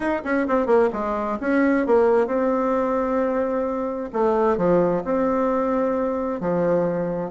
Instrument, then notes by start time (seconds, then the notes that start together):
bassoon
0.00 D#4
0.24 C#4
0.47 C4
0.66 A#3
0.92 G#3
1.40 C#4
1.86 A#3
2.26 C4
4.13 A3
4.57 F3
5.04 C4
6.40 F3